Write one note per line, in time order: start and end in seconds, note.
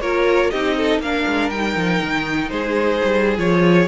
0.00 0.51 A#3
0.00 0.52 F4
0.00 0.51 A#4
0.00 0.50 C#5
0.50 0.99 C4
0.50 1.04 D#4
0.50 0.76 G4
0.50 1.00 D#5
0.76 1.01 A4
0.99 1.24 A#3
0.99 1.53 D4
0.99 2.51 A#4
0.99 1.49 F5
1.27 1.50 G#3
1.49 1.75 G3
1.49 3.37 D#4
1.49 2.49 G5
1.76 2.01 F3
2.02 2.51 D#3
2.49 3.01 G#3
2.49 3.88 G#4
2.49 3.36 C5
3.04 3.38 G3
3.37 3.88 F3
3.37 3.87 F4
3.37 3.88 C#5